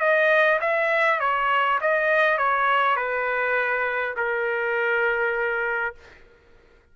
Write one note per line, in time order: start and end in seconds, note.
0.00 0.59 D#5
0.60 1.20 E5
1.20 1.79 C#5
1.81 2.38 D#5
2.38 2.96 C#5
2.96 4.15 B4
4.16 5.95 A#4